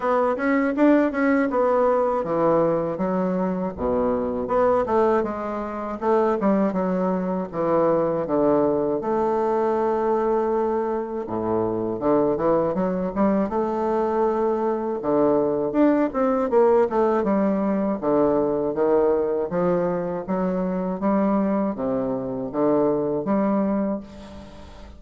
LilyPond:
\new Staff \with { instrumentName = "bassoon" } { \time 4/4 \tempo 4 = 80 b8 cis'8 d'8 cis'8 b4 e4 | fis4 b,4 b8 a8 gis4 | a8 g8 fis4 e4 d4 | a2. a,4 |
d8 e8 fis8 g8 a2 | d4 d'8 c'8 ais8 a8 g4 | d4 dis4 f4 fis4 | g4 c4 d4 g4 | }